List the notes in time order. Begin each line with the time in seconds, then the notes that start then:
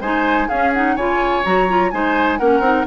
0.00 G#3 D#4 C5 G#5
0.48 C#4 G#4 F5
0.73 D#4 F#5
0.96 C#3 F4 C#5 G#5
1.44 F#3 F#4 A#5
1.69 F4
1.90 G#3 D#4 C5 G#5
2.38 A#3 C#4 A#4 F#5
2.60 C4 D#4